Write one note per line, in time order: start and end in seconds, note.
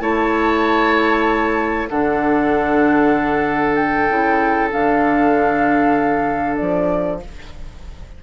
0.00 1.88 A3
0.00 1.88 E4
0.00 1.89 C#5
0.00 1.88 A5
1.89 4.09 D3
1.89 4.09 D4
1.89 7.21 A4
1.89 3.75 F#5
3.75 4.69 G5
4.09 4.71 C#3
4.09 4.70 E4
4.70 6.61 D3
4.70 7.20 D4
4.70 6.57 F5
6.57 7.23 F3
6.57 7.19 D5